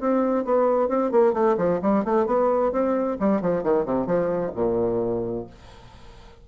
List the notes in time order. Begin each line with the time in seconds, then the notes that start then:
0.00 C4
0.45 B3
0.89 C4
1.12 A#3
1.34 A3
1.58 F3
1.82 G3
2.05 A3
2.26 B3
2.72 C4
3.20 G3
3.41 F3
3.63 D#3
3.86 C3
4.07 F3
4.55 A#2